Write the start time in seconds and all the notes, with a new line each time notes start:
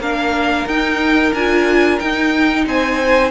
0.00 A#3 D4 A#4 F5
0.67 D#4 G5
1.34 D4 F4 G#5
1.99 D#4 G5
2.67 C4 C5 G#5